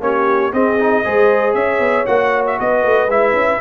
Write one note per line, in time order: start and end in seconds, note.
0.00 0.51 A#3
0.00 0.52 C#4
0.00 0.52 G4
0.00 0.53 C#5
0.52 1.04 C4
0.52 0.78 C4
0.52 1.03 G#4
0.52 1.54 D#5
0.79 1.04 D#4
1.03 1.54 G#3
1.03 2.06 G#4
1.03 1.54 C5
1.54 1.79 C#4
1.54 2.57 C#5
1.54 2.05 E5
1.79 2.04 B3
2.06 2.59 A#3
2.06 3.08 F#4
2.06 2.44 F#5
2.46 2.59 E5
2.59 2.82 B3
2.59 3.61 B4
2.59 3.10 D#5
2.82 3.08 A3
3.08 3.33 G#3
3.08 3.61 E4
3.08 3.61 E5
3.33 3.58 C#4